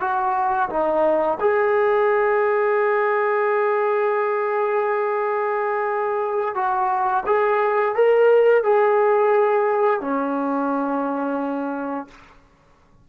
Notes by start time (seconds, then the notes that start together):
0.00 F#4
0.69 D#4
1.40 G#4
6.55 F#4
7.26 G#4
7.95 A#4
8.63 G#4
10.01 C#4